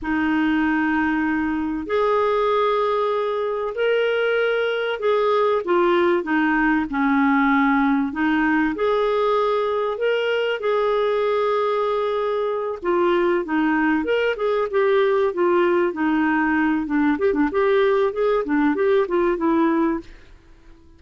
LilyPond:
\new Staff \with { instrumentName = "clarinet" } { \time 4/4 \tempo 4 = 96 dis'2. gis'4~ | gis'2 ais'2 | gis'4 f'4 dis'4 cis'4~ | cis'4 dis'4 gis'2 |
ais'4 gis'2.~ | gis'8 f'4 dis'4 ais'8 gis'8 g'8~ | g'8 f'4 dis'4. d'8 g'16 d'16 | g'4 gis'8 d'8 g'8 f'8 e'4 | }